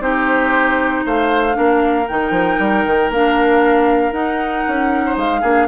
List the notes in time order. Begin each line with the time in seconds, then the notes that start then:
0.00 C4 D#4 G4 C5
1.05 A3 C5 F5
1.53 A#3 D4 A#4
2.08 D#3 D#4 G5
2.30 F3
2.59 G3
2.86 D#3
3.10 A#3 D4 F5
4.12 D#4 F#5
4.68 C#4
5.05 C5
5.16 G#3 F5
5.41 A#3 D4 G#4